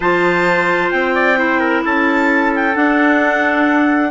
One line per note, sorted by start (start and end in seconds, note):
0.00 0.91 F3
0.00 1.35 F4
0.00 1.14 C5
0.00 0.90 A5
0.90 1.83 C4
0.90 1.82 G5
1.14 1.37 D5
1.35 2.73 E4
1.35 1.59 C5
1.59 1.82 A#4
1.85 2.75 C#4
1.85 4.10 A4
1.85 2.53 A5
2.54 2.75 G5
2.74 4.10 D4
2.74 4.10 F#5